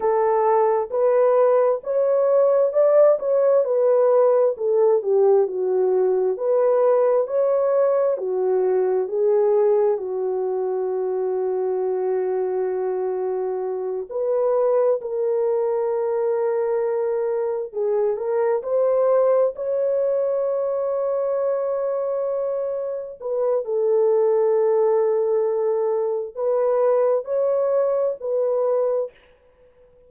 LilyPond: \new Staff \with { instrumentName = "horn" } { \time 4/4 \tempo 4 = 66 a'4 b'4 cis''4 d''8 cis''8 | b'4 a'8 g'8 fis'4 b'4 | cis''4 fis'4 gis'4 fis'4~ | fis'2.~ fis'8 b'8~ |
b'8 ais'2. gis'8 | ais'8 c''4 cis''2~ cis''8~ | cis''4. b'8 a'2~ | a'4 b'4 cis''4 b'4 | }